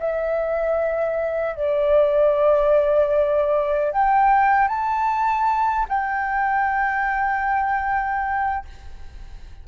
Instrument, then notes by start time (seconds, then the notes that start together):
flute
0.00 E5
1.56 D5
3.93 G5
4.68 A5
5.89 G5